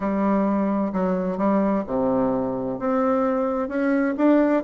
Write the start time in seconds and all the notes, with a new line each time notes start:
0.00 G3
0.93 F#3
1.37 G3
1.87 C3
2.79 C4
3.68 C#4
4.17 D4